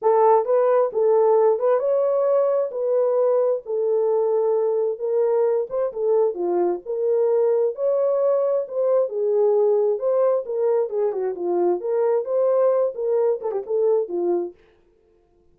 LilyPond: \new Staff \with { instrumentName = "horn" } { \time 4/4 \tempo 4 = 132 a'4 b'4 a'4. b'8 | cis''2 b'2 | a'2. ais'4~ | ais'8 c''8 a'4 f'4 ais'4~ |
ais'4 cis''2 c''4 | gis'2 c''4 ais'4 | gis'8 fis'8 f'4 ais'4 c''4~ | c''8 ais'4 a'16 g'16 a'4 f'4 | }